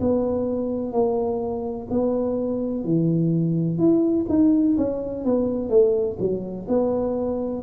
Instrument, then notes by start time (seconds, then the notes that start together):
tuba
0.00 B3
0.92 A#3
1.90 B3
2.84 E3
3.78 E4
4.29 D#4
4.77 C#4
5.25 B3
5.69 A3
6.19 F#3
6.68 B3